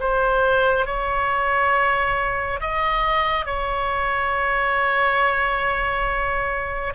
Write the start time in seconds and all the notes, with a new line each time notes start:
0.00 C5
0.86 C#5
2.60 D#5
3.46 C#5